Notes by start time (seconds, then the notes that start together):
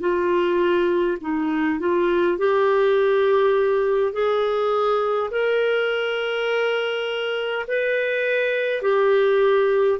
0.00 F4
1.21 D#4
1.80 F4
2.37 G4
4.12 G#4
5.30 A#4
7.67 B4
8.82 G4